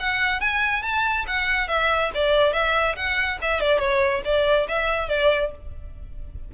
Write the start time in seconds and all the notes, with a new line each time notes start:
0.00 F#5
0.41 G#5
0.83 A5
1.27 F#5
1.69 E5
2.15 D5
2.54 E5
2.97 F#5
3.42 E5
3.61 D5
3.79 C#5
4.25 D5
4.69 E5
5.09 D5